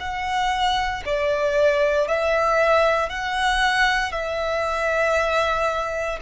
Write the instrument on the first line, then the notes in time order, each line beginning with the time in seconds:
violin
0.00 F#5
1.06 D5
2.08 E5
3.09 F#5
4.12 E5